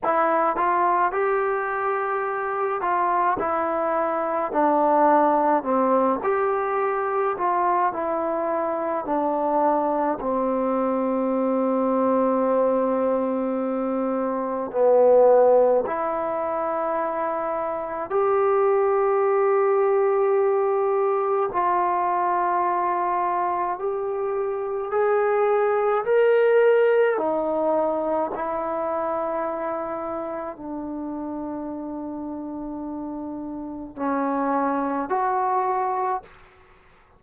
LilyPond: \new Staff \with { instrumentName = "trombone" } { \time 4/4 \tempo 4 = 53 e'8 f'8 g'4. f'8 e'4 | d'4 c'8 g'4 f'8 e'4 | d'4 c'2.~ | c'4 b4 e'2 |
g'2. f'4~ | f'4 g'4 gis'4 ais'4 | dis'4 e'2 d'4~ | d'2 cis'4 fis'4 | }